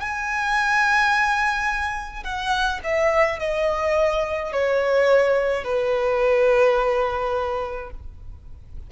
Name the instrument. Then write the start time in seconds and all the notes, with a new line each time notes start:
violin
0.00 G#5
2.23 F#5
2.84 E5
3.39 D#5
4.52 C#5
5.64 B4